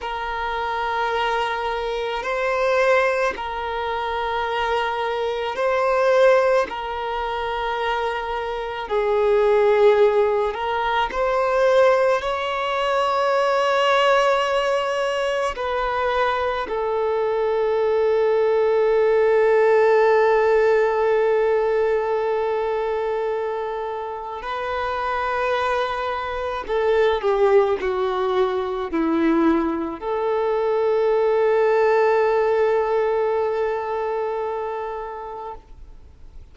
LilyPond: \new Staff \with { instrumentName = "violin" } { \time 4/4 \tempo 4 = 54 ais'2 c''4 ais'4~ | ais'4 c''4 ais'2 | gis'4. ais'8 c''4 cis''4~ | cis''2 b'4 a'4~ |
a'1~ | a'2 b'2 | a'8 g'8 fis'4 e'4 a'4~ | a'1 | }